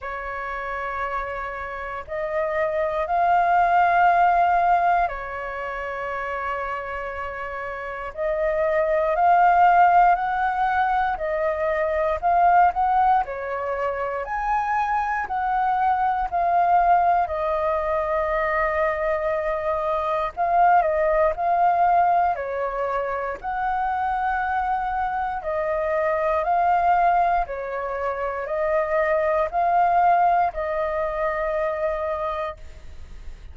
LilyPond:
\new Staff \with { instrumentName = "flute" } { \time 4/4 \tempo 4 = 59 cis''2 dis''4 f''4~ | f''4 cis''2. | dis''4 f''4 fis''4 dis''4 | f''8 fis''8 cis''4 gis''4 fis''4 |
f''4 dis''2. | f''8 dis''8 f''4 cis''4 fis''4~ | fis''4 dis''4 f''4 cis''4 | dis''4 f''4 dis''2 | }